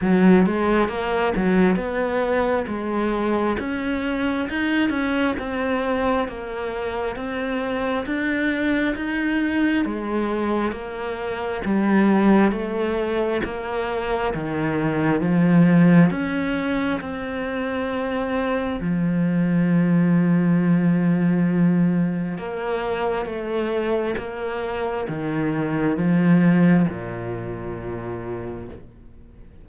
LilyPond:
\new Staff \with { instrumentName = "cello" } { \time 4/4 \tempo 4 = 67 fis8 gis8 ais8 fis8 b4 gis4 | cis'4 dis'8 cis'8 c'4 ais4 | c'4 d'4 dis'4 gis4 | ais4 g4 a4 ais4 |
dis4 f4 cis'4 c'4~ | c'4 f2.~ | f4 ais4 a4 ais4 | dis4 f4 ais,2 | }